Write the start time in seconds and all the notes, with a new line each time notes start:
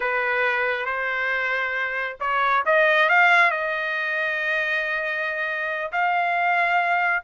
0.00 B4
0.85 C5
2.20 C#5
2.65 D#5
3.09 F5
3.50 D#5
5.92 F5